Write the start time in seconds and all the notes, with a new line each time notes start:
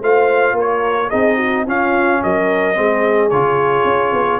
0.00 A3 F4 C5 F5
0.53 A#3 A#4
0.59 C#5
1.09 C4 D#4 G#4 D#5
1.36 F#4
1.66 C#4 F4 F5
2.23 F#3 A#4 D#5
2.74 G#3 C4 G#4
3.29 C#3 F4 C#5
3.84 C#4
4.12 B3